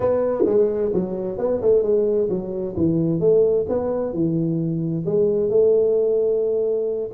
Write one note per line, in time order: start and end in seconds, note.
0.00 0.44 B3
0.45 0.91 G#3
0.93 1.37 F#3
1.37 1.60 B3
1.61 1.82 A3
1.82 2.28 G#3
2.29 2.75 F#3
2.76 3.20 E3
3.20 3.65 A3
3.68 4.13 B3
4.13 5.04 E3
5.05 5.49 G#3
5.49 7.10 A3